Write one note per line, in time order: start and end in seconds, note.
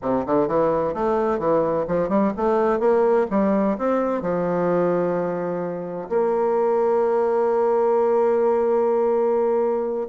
0.01 0.25 C3
0.26 0.47 D3
0.47 0.94 E3
0.94 1.38 A3
1.38 1.85 E3
1.87 2.09 F3
2.09 2.32 G3
2.37 2.79 A3
2.79 3.26 A#3
3.30 3.77 G3
3.78 4.21 C4
4.21 6.09 F3
6.09 10.07 A#3